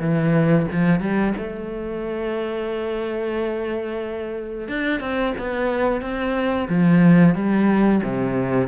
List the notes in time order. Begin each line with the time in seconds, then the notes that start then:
0.00 E3
0.71 F3
1.00 G3
1.37 A3
4.68 D4
5.00 C4
5.38 B3
6.02 C4
6.69 F3
7.35 G3
8.03 C3